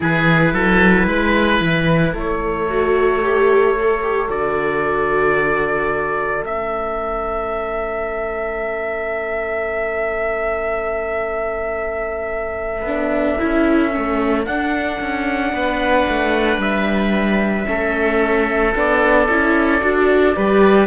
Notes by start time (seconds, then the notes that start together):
0.00 E3 E4 G#4 B4
0.53 F#3 A4
1.06 G#3 B4
1.60 E3
2.12 A3 A4 C#5
2.69 F#4
3.21 G4
3.79 A4
4.01 G4
4.28 D3 F#4 D5
6.42 A3 C#4 E5
12.81 B3 D4
13.38 C#4 E4
13.91 A3 C#4
14.46 D4 F#5
15.00 C#4
15.52 B3 B4
16.08 A3
16.57 G3 E5
17.64 A3 C#4 A4
18.75 B3 D4 D5
19.28 C#4 E4
19.80 D4 F#4
20.35 G3 G4 B4